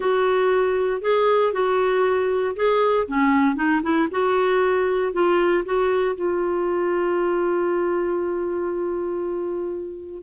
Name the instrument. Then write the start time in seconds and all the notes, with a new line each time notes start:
clarinet
0.00 F#4
1.01 G#4
1.52 F#4
2.56 G#4
3.07 C#4
3.55 D#4
3.83 E4
4.11 F#4
5.12 F4
5.65 F#4
6.15 F4